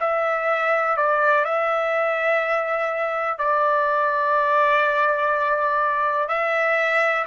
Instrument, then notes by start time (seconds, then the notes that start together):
trumpet
0.00 E5
0.97 D5
1.45 E5
3.38 D5
6.29 E5